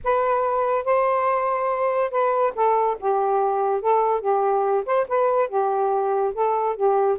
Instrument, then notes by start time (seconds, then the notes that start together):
saxophone
0.03 B4
0.85 C5
2.10 B4
2.55 A4
2.99 G4
3.81 A4
4.20 G4
4.85 C5
5.08 B4
5.49 G4
6.34 A4
6.75 G4